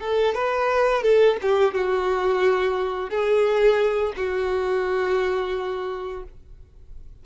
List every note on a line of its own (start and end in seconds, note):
0.00 0.34 A4
0.34 1.03 B4
1.03 1.37 A4
1.42 1.74 G4
1.74 3.10 F#4
3.10 4.13 G#4
4.17 6.24 F#4